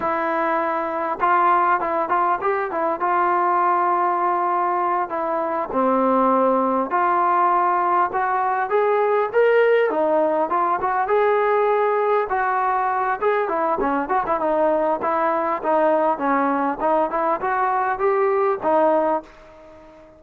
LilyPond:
\new Staff \with { instrumentName = "trombone" } { \time 4/4 \tempo 4 = 100 e'2 f'4 e'8 f'8 | g'8 e'8 f'2.~ | f'8 e'4 c'2 f'8~ | f'4. fis'4 gis'4 ais'8~ |
ais'8 dis'4 f'8 fis'8 gis'4.~ | gis'8 fis'4. gis'8 e'8 cis'8 fis'16 e'16 | dis'4 e'4 dis'4 cis'4 | dis'8 e'8 fis'4 g'4 dis'4 | }